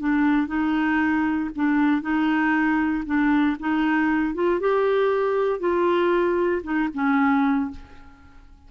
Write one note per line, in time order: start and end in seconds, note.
0.00 0.48 D4
0.48 1.50 D#4
1.56 2.02 D4
2.02 3.04 D#4
3.06 3.57 D4
3.60 4.34 D#4
4.34 4.60 F4
4.60 5.60 G4
5.60 6.62 F4
6.63 6.89 D#4
6.94 7.71 C#4